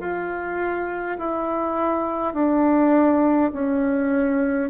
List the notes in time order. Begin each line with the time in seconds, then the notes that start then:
0.00 F4
1.19 E4
2.34 D4
3.53 C#4